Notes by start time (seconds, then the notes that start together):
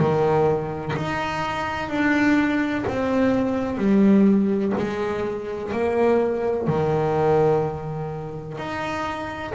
0.00 D#3
0.97 D#4
1.90 D4
2.88 C4
3.78 G3
4.78 G#3
5.73 A#3
6.68 D#3
8.58 D#4